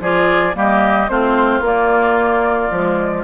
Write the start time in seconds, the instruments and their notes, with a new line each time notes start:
0.00 bassoon F3, clarinet F4, oboe G#4, flute D5
0.54 bassoon G3, clarinet A#3, oboe G4, flute D#5
1.08 bassoon A3, clarinet C4, oboe F4, flute C5
1.60 bassoon A#3, clarinet A#3, flute D5
2.71 bassoon F3, clarinet G#3